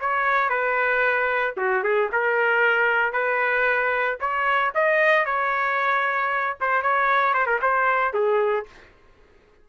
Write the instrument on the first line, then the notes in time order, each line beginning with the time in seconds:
trumpet
0.00 C#5
0.49 B4
1.57 F#4
1.83 G#4
2.12 A#4
3.12 B4
4.20 C#5
4.74 D#5
5.25 C#5
6.60 C5
6.82 C#5
7.33 C5
7.46 A#4
7.61 C5
8.13 G#4